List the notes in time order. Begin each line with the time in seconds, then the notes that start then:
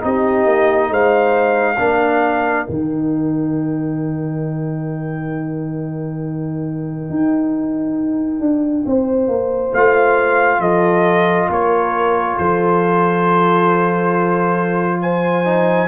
0.00 C4 D#4 G4 D#5
0.46 A#3
0.90 G#3 C5 F5
1.76 A#3 D4 A#4
2.66 D#3 D#4 G5
7.10 D#4
8.40 D4
8.86 C4 C5
9.28 A#3
9.72 A3 F4 F5
10.59 F3 A4 D#5
11.49 A#3 A#4 C#5
12.37 F3 A4 C5
15.02 C5 G#5
15.45 D#4